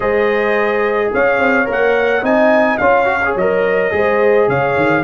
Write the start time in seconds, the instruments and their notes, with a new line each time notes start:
0.00 tuba G#3, trombone G#4, horn C5, trumpet D#5
1.13 tuba C#4, horn C#5, trumpet F5
1.38 tuba C4
1.65 tuba A#3, trombone A#4
1.71 trumpet F#5
2.22 tuba C4, trombone D#4, horn D#5, trumpet G#5
2.77 tuba C#4, trombone F4, horn C#5, trumpet F5
3.05 trombone F#4
3.24 trombone G#4
3.35 tuba F#3, trombone A#4, trumpet D#5
3.91 tuba G#3, trombone G#4, horn C5
4.48 tuba C#3, horn C#5, trumpet F5
4.76 tuba D#3